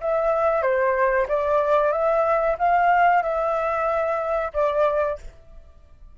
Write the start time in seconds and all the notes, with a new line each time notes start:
0.00 E5
0.62 C5
1.28 D5
1.92 E5
2.58 F5
3.22 E5
4.53 D5